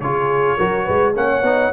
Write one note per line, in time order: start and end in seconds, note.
0.00 0.57 C#3
0.00 0.58 F4
0.00 0.57 G#4
0.00 1.14 C#5
0.57 0.88 F#3
0.57 1.14 F#4
0.57 0.84 A#4
0.84 1.16 G#3
0.84 1.12 B4
1.14 1.42 A#3
1.14 1.43 C#4
1.14 1.73 C#5
1.14 1.73 F#5
1.42 1.71 B3
1.42 1.73 D#4